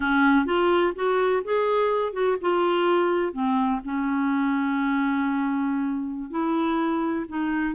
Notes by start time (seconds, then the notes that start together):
0.00 C#4
0.45 F4
0.95 F#4
1.44 G#4
2.13 F#4
2.41 F4
3.32 C4
3.84 C#4
6.30 E4
7.28 D#4